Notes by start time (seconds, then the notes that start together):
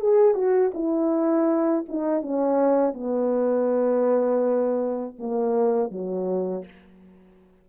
0.00 G#4
0.34 F#4
0.74 E4
1.88 D#4
2.22 C#4
2.94 B3
5.19 A#3
5.91 F#3